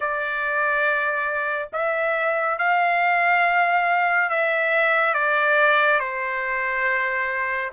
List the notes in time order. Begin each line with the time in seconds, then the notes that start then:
0.00 D5
1.73 E5
2.58 F5
4.29 E5
5.14 D5
5.99 C5